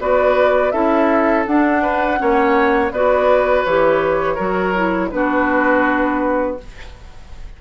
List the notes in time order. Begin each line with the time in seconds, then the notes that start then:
0.00 B3 F#4 B4 D5
0.72 C#4 E4 A4 E5
1.47 D4 F#5
1.83 B4
2.18 A#3 C#4 C#5
2.92 B3 F#4 B4 D5
3.65 E3 G4 C#5
4.35 F#3 F#4 A#4
4.76 E4
5.11 B3 D4 F#4 B4